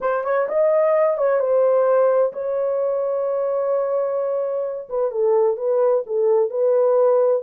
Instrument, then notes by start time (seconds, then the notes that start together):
horn
0.00 C5
0.24 C#5
0.48 D#5
1.17 C#5
1.39 C5
2.32 C#5
4.89 B4
5.11 A4
5.56 B4
6.06 A4
6.50 B4